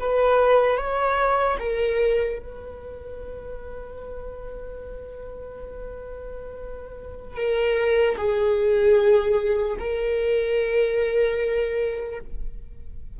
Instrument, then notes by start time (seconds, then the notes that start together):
viola
0.00 B4
0.78 C#5
1.59 A#4
2.40 B4
7.36 A#4
8.17 G#4
9.80 A#4